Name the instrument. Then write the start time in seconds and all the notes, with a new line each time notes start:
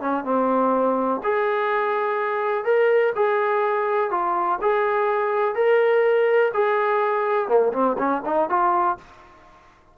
trombone
0.00 C#4
0.24 C4
1.23 G#4
2.64 A#4
3.15 G#4
4.10 F4
4.61 G#4
5.55 A#4
6.53 G#4
7.48 A#3
7.72 C4
7.98 C#4
8.25 D#4
8.49 F4